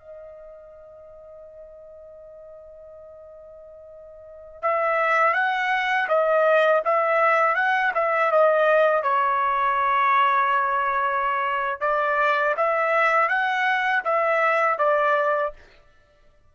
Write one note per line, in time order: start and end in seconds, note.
0.00 4.62 D#5
4.62 5.34 E5
5.34 6.08 F#5
6.09 6.83 D#5
6.85 7.56 E5
7.56 7.93 F#5
7.95 8.32 E5
8.32 9.03 D#5
9.03 11.81 C#5
11.81 12.55 D5
12.57 13.29 E5
13.29 14.03 F#5
14.05 14.79 E5
14.79 15.53 D5